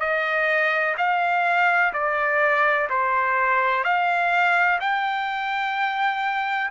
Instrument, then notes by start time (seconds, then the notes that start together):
trumpet
0.00 D#5
0.98 F5
1.94 D5
2.90 C5
3.84 F5
4.81 G5